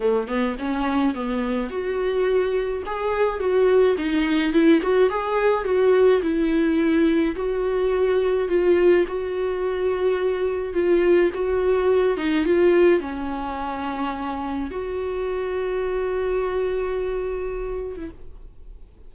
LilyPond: \new Staff \with { instrumentName = "viola" } { \time 4/4 \tempo 4 = 106 a8 b8 cis'4 b4 fis'4~ | fis'4 gis'4 fis'4 dis'4 | e'8 fis'8 gis'4 fis'4 e'4~ | e'4 fis'2 f'4 |
fis'2. f'4 | fis'4. dis'8 f'4 cis'4~ | cis'2 fis'2~ | fis'2.~ fis'8. e'16 | }